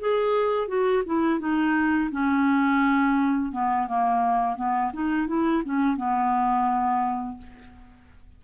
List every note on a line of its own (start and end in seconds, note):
0.00 0.68 G#4
0.68 1.03 F#4
1.06 1.40 E4
1.40 2.10 D#4
2.11 3.52 C#4
3.52 3.88 B3
3.88 4.57 A#3
4.57 4.92 B3
4.93 5.28 D#4
5.28 5.63 E4
5.65 5.97 C#4
5.97 7.38 B3